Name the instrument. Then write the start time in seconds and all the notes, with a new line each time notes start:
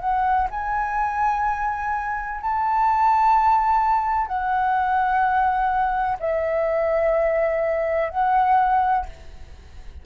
flute
0.00 F#5
0.51 G#5
2.41 A5
4.27 F#5
6.20 E5
8.10 F#5